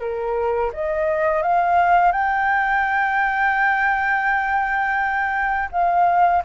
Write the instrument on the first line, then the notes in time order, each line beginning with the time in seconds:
flute
0.00 A#4
0.73 D#5
1.43 F5
2.12 G5
5.71 F5